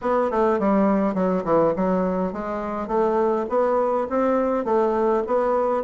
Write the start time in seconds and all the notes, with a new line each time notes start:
0.01 B3
0.30 A3
0.59 G3
1.14 F#3
1.44 E3
1.76 F#3
2.32 G#3
2.87 A3
3.49 B3
4.09 C4
4.64 A3
5.26 B3